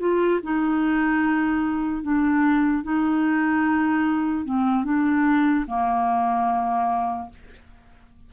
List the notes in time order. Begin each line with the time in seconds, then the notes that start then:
0.00 F4
0.43 D#4
2.03 D4
2.84 D#4
4.46 C4
4.85 D4
5.68 A#3